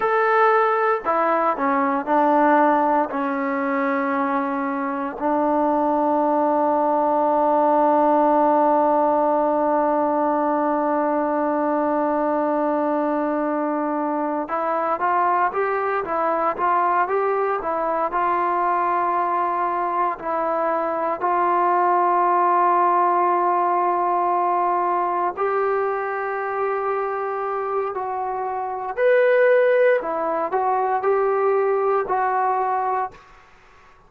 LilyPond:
\new Staff \with { instrumentName = "trombone" } { \time 4/4 \tempo 4 = 58 a'4 e'8 cis'8 d'4 cis'4~ | cis'4 d'2.~ | d'1~ | d'2 e'8 f'8 g'8 e'8 |
f'8 g'8 e'8 f'2 e'8~ | e'8 f'2.~ f'8~ | f'8 g'2~ g'8 fis'4 | b'4 e'8 fis'8 g'4 fis'4 | }